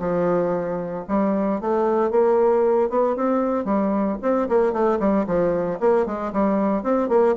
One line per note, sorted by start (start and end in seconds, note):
0.00 1.05 F3
1.08 1.61 G3
1.61 2.11 A3
2.11 2.90 A#3
2.90 3.16 B3
3.16 3.65 C4
3.65 4.18 G3
4.22 4.49 C4
4.49 4.73 A#3
4.73 4.99 A3
5.00 5.26 G3
5.27 5.79 F3
5.80 6.06 A#3
6.06 6.33 G#3
6.33 6.83 G3
6.83 7.09 C4
7.09 7.35 A#3